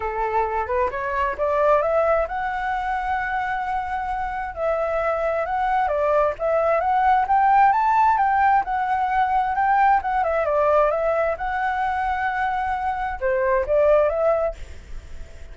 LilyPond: \new Staff \with { instrumentName = "flute" } { \time 4/4 \tempo 4 = 132 a'4. b'8 cis''4 d''4 | e''4 fis''2.~ | fis''2 e''2 | fis''4 d''4 e''4 fis''4 |
g''4 a''4 g''4 fis''4~ | fis''4 g''4 fis''8 e''8 d''4 | e''4 fis''2.~ | fis''4 c''4 d''4 e''4 | }